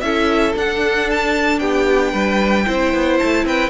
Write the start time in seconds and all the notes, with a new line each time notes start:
0.00 C#4 E4 A4 E5
0.54 D4 F#5
1.10 A5
1.59 B3 G4 G5
2.12 G3 B4
2.65 C4 E4 C5
2.93 B3
3.18 A3 A5
3.45 C4 B4 G5